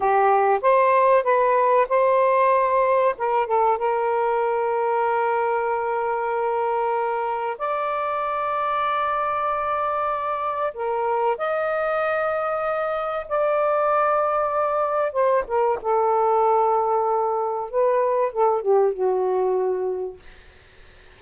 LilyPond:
\new Staff \with { instrumentName = "saxophone" } { \time 4/4 \tempo 4 = 95 g'4 c''4 b'4 c''4~ | c''4 ais'8 a'8 ais'2~ | ais'1 | d''1~ |
d''4 ais'4 dis''2~ | dis''4 d''2. | c''8 ais'8 a'2. | b'4 a'8 g'8 fis'2 | }